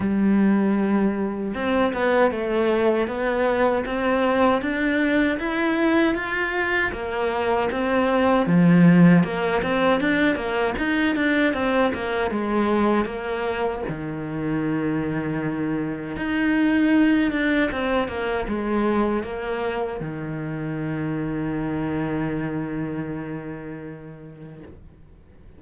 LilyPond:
\new Staff \with { instrumentName = "cello" } { \time 4/4 \tempo 4 = 78 g2 c'8 b8 a4 | b4 c'4 d'4 e'4 | f'4 ais4 c'4 f4 | ais8 c'8 d'8 ais8 dis'8 d'8 c'8 ais8 |
gis4 ais4 dis2~ | dis4 dis'4. d'8 c'8 ais8 | gis4 ais4 dis2~ | dis1 | }